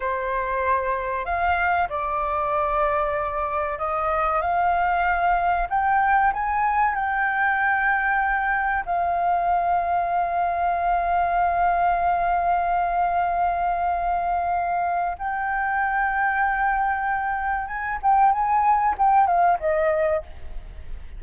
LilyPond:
\new Staff \with { instrumentName = "flute" } { \time 4/4 \tempo 4 = 95 c''2 f''4 d''4~ | d''2 dis''4 f''4~ | f''4 g''4 gis''4 g''4~ | g''2 f''2~ |
f''1~ | f''1 | g''1 | gis''8 g''8 gis''4 g''8 f''8 dis''4 | }